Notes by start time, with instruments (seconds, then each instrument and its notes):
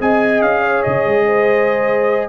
0.00 tuba C4, trombone G#4, horn D#5, trumpet G#5
0.41 tuba C#4, trumpet F5
0.62 horn C#5
0.82 tuba C#3, trumpet D#5
1.05 tuba G#3
1.26 horn C5